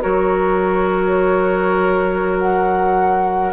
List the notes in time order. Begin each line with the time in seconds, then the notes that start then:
0.00 F#3 F#4 A#4 C#5
2.37 F#5